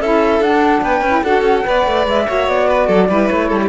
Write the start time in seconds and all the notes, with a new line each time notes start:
0.00 C#4 E4 A4 E5
0.41 D4 F#5
0.82 B3 B4 G5
1.01 C#4
1.08 E4
1.24 D4 F#4 A4 F#5
1.42 C#4
1.64 B3 B4 D5
1.87 A3
2.07 G#3 E5
2.27 A#3 F#4 C#5
2.48 B3 D5
2.69 B4
2.87 F#3 A4
3.09 G3 E4 B4
3.28 A3 C#5
3.49 G3 A4
3.63 G4